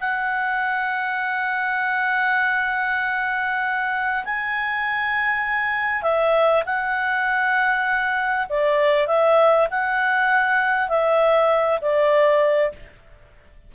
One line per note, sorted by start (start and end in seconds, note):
0.00 4.24 F#5
4.25 6.02 G#5
6.02 6.63 E5
6.65 8.47 F#5
8.49 9.07 D5
9.07 9.67 E5
9.70 10.88 F#5
10.88 11.79 E5
11.81 12.72 D5